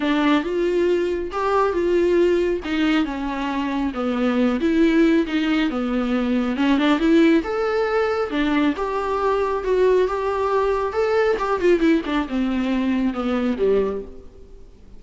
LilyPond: \new Staff \with { instrumentName = "viola" } { \time 4/4 \tempo 4 = 137 d'4 f'2 g'4 | f'2 dis'4 cis'4~ | cis'4 b4. e'4. | dis'4 b2 cis'8 d'8 |
e'4 a'2 d'4 | g'2 fis'4 g'4~ | g'4 a'4 g'8 f'8 e'8 d'8 | c'2 b4 g4 | }